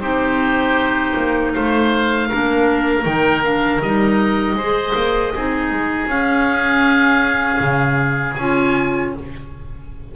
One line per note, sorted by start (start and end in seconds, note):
0.00 1.14 C4
0.00 2.29 D#4
0.00 1.53 G4
0.00 1.52 C5
1.17 1.55 A#3
1.53 2.31 A3
1.53 2.28 C5
1.53 3.05 F5
2.28 3.05 A#3
2.28 3.03 D4
2.28 4.56 A#4
3.03 3.81 D#3
3.03 3.41 D#4
3.03 3.43 G5
3.43 3.81 D4
3.43 3.82 F5
3.82 4.54 G3
3.82 4.59 D#4
3.82 6.09 D#5
4.54 4.92 G#3
4.54 5.35 G#4
4.54 5.33 C5
4.95 5.33 A#3
5.34 5.71 C4
5.34 6.10 D#4
5.34 9.14 G#4
5.71 6.06 G#3
6.06 7.58 C#4
6.06 8.38 C#4
6.06 8.35 F5
7.60 8.36 C#3
8.35 9.13 C#4
8.35 9.15 F4
8.35 9.11 G#5